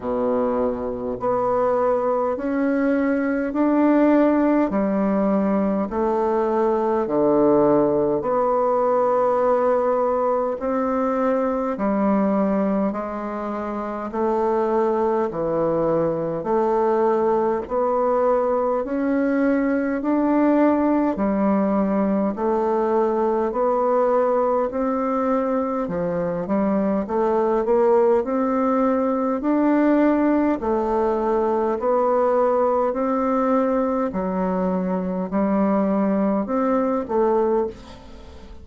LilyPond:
\new Staff \with { instrumentName = "bassoon" } { \time 4/4 \tempo 4 = 51 b,4 b4 cis'4 d'4 | g4 a4 d4 b4~ | b4 c'4 g4 gis4 | a4 e4 a4 b4 |
cis'4 d'4 g4 a4 | b4 c'4 f8 g8 a8 ais8 | c'4 d'4 a4 b4 | c'4 fis4 g4 c'8 a8 | }